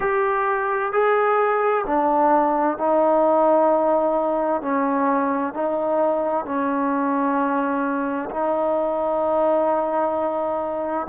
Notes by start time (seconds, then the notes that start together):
0.00 G4
0.92 G#4
1.86 D4
2.77 D#4
4.62 C#4
5.53 D#4
6.44 C#4
8.30 D#4